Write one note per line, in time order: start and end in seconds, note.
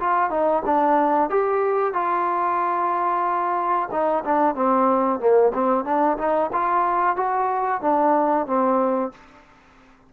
0.00 0.31 F4
0.31 0.63 D#4
0.66 1.30 D4
1.30 1.94 G4
1.94 3.90 F4
3.92 4.24 D#4
4.25 4.55 D4
4.55 5.20 C4
5.20 5.53 A#3
5.54 5.85 C4
5.85 6.18 D4
6.18 6.51 D#4
6.53 7.17 F4
7.17 7.82 F#4
7.82 8.47 D4
8.47 9.12 C4